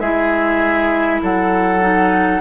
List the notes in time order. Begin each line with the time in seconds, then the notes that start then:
0.00 G#3 E4 G#4 E5
1.22 F#3 A4 F#5
1.81 D#4